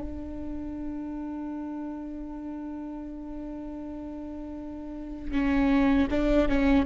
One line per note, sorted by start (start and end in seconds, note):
0.00 5.32 D4
5.32 6.08 C#4
6.10 6.48 D4
6.48 6.85 C#4